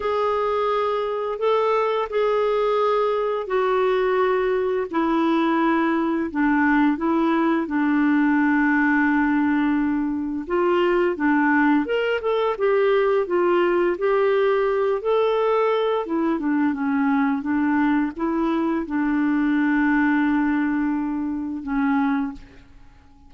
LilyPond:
\new Staff \with { instrumentName = "clarinet" } { \time 4/4 \tempo 4 = 86 gis'2 a'4 gis'4~ | gis'4 fis'2 e'4~ | e'4 d'4 e'4 d'4~ | d'2. f'4 |
d'4 ais'8 a'8 g'4 f'4 | g'4. a'4. e'8 d'8 | cis'4 d'4 e'4 d'4~ | d'2. cis'4 | }